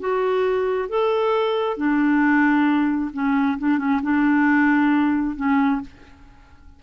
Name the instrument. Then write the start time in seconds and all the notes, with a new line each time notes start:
clarinet
0.00 F#4
0.89 A4
1.77 D4
3.14 C#4
3.59 D4
3.79 C#4
4.03 D4
5.36 C#4